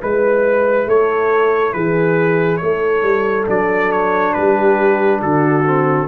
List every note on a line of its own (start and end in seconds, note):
0.00 0.87 G#3
0.00 3.47 E4
0.00 0.87 B4
0.00 0.89 B4
0.87 1.74 A3
0.87 1.74 A4
0.87 1.74 C#5
1.74 2.62 E3
1.74 2.61 G#4
1.74 2.58 B4
2.58 3.03 A3
2.58 4.36 A4
2.58 3.45 C#5
3.03 3.46 G3
3.47 4.36 F#3
3.47 5.64 D4
3.47 3.92 D5
3.92 4.34 C#5
4.34 5.22 G3
4.34 5.21 G4
4.34 5.21 B4
5.21 6.08 D3
5.21 6.08 F#4
5.21 6.08 A4
5.65 6.08 C4